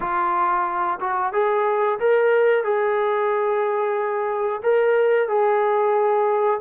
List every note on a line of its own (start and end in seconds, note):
0.00 0.99 F4
1.00 1.32 F#4
1.32 1.98 G#4
1.99 2.63 A#4
2.63 4.61 G#4
4.62 5.28 A#4
5.28 6.60 G#4